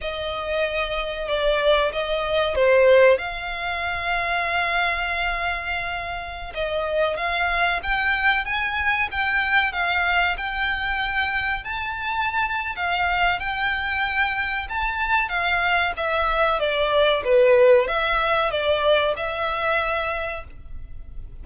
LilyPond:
\new Staff \with { instrumentName = "violin" } { \time 4/4 \tempo 4 = 94 dis''2 d''4 dis''4 | c''4 f''2.~ | f''2~ f''16 dis''4 f''8.~ | f''16 g''4 gis''4 g''4 f''8.~ |
f''16 g''2 a''4.~ a''16 | f''4 g''2 a''4 | f''4 e''4 d''4 b'4 | e''4 d''4 e''2 | }